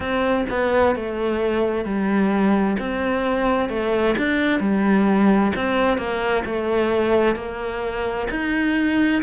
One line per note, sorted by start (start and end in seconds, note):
0.00 0.45 C4
0.49 0.95 B3
0.95 1.84 A3
1.84 2.77 G3
2.79 3.69 C4
3.69 4.15 A3
4.18 4.59 D4
4.59 5.52 G3
5.56 5.97 C4
5.97 6.43 A#3
6.45 7.36 A3
7.36 8.28 A#3
8.30 9.22 D#4